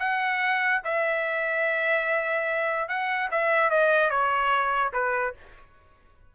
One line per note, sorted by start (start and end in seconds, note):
0.00 0.82 F#5
0.85 2.89 E5
2.89 3.30 F#5
3.31 3.71 E5
3.71 4.11 D#5
4.11 4.93 C#5
4.94 5.35 B4